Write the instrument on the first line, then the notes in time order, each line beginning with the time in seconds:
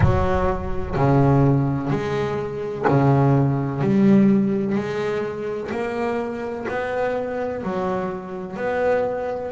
double bass
0.00 F#3
0.95 C#3
1.90 G#3
2.88 C#3
3.81 G3
4.74 G#3
5.71 A#3
6.68 B3
7.63 F#3
8.56 B3